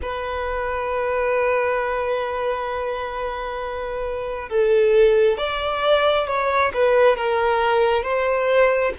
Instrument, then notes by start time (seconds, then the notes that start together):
violin
0.02 B4
4.49 A4
5.37 D5
6.27 C#5
6.73 B4
7.16 A#4
8.03 C5